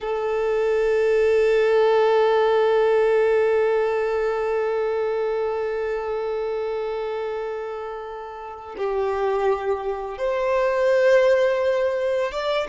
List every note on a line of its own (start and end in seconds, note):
0.00 8.75 A4
8.77 10.18 G4
10.18 12.31 C5
12.31 12.67 D5